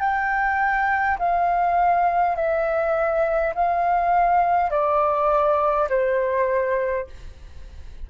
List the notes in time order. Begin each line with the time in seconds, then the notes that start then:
0.00 G5
1.19 F5
2.36 E5
3.55 F5
4.71 D5
5.89 C5